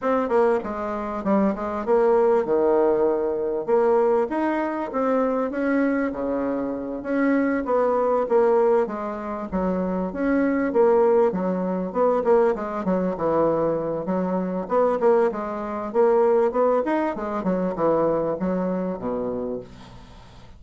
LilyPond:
\new Staff \with { instrumentName = "bassoon" } { \time 4/4 \tempo 4 = 98 c'8 ais8 gis4 g8 gis8 ais4 | dis2 ais4 dis'4 | c'4 cis'4 cis4. cis'8~ | cis'8 b4 ais4 gis4 fis8~ |
fis8 cis'4 ais4 fis4 b8 | ais8 gis8 fis8 e4. fis4 | b8 ais8 gis4 ais4 b8 dis'8 | gis8 fis8 e4 fis4 b,4 | }